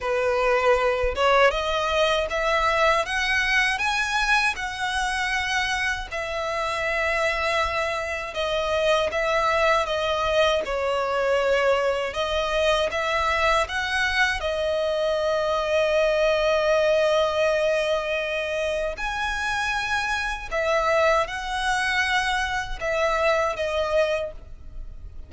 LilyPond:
\new Staff \with { instrumentName = "violin" } { \time 4/4 \tempo 4 = 79 b'4. cis''8 dis''4 e''4 | fis''4 gis''4 fis''2 | e''2. dis''4 | e''4 dis''4 cis''2 |
dis''4 e''4 fis''4 dis''4~ | dis''1~ | dis''4 gis''2 e''4 | fis''2 e''4 dis''4 | }